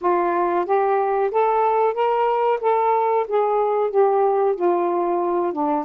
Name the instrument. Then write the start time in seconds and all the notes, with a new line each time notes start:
saxophone
0.01 F4
0.65 G4
1.31 A4
1.94 A#4
2.61 A4
3.27 G#4
3.90 G4
4.55 F4
5.53 D4